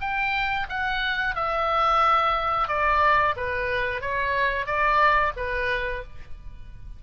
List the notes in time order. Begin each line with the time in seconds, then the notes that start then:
0.00 G5
0.69 F#5
1.35 E5
2.68 D5
3.36 B4
4.01 C#5
4.66 D5
5.36 B4